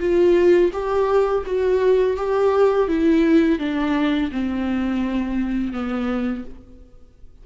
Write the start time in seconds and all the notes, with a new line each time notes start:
0.00 F4
0.73 G4
1.46 F#4
2.17 G4
2.88 E4
3.59 D4
4.31 C4
5.73 B3